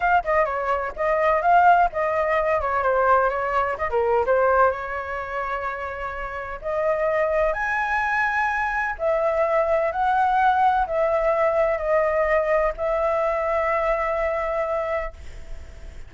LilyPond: \new Staff \with { instrumentName = "flute" } { \time 4/4 \tempo 4 = 127 f''8 dis''8 cis''4 dis''4 f''4 | dis''4. cis''8 c''4 cis''4 | dis''16 ais'8. c''4 cis''2~ | cis''2 dis''2 |
gis''2. e''4~ | e''4 fis''2 e''4~ | e''4 dis''2 e''4~ | e''1 | }